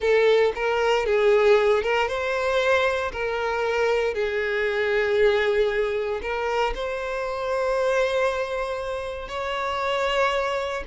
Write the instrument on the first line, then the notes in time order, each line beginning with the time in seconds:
violin
0.00 A4
0.55 A#4
1.06 G#4
1.82 A#4
2.08 C5
3.12 A#4
4.14 G#4
6.22 A#4
6.74 C5
9.28 C#5